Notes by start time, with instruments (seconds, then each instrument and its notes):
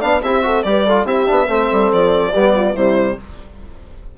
0.00 bassoon B3, trombone D4, horn D5, violin F5
0.23 bassoon C4, trombone E4, horn G4, violin E5
0.43 trombone F#4, horn A4
0.63 bassoon G3, trombone G4, horn B4, violin D5
0.87 trombone F4, horn A4
1.05 bassoon C4, trombone E4, horn G4, violin E5
1.27 bassoon B3, trombone D4
1.48 bassoon A3, trombone C4, horn A4
1.72 bassoon G3
1.93 bassoon F3, violin D5
2.32 bassoon G3, trombone B3, horn G4
2.56 horn F4
2.74 bassoon C3, trombone G3, horn E4, violin C5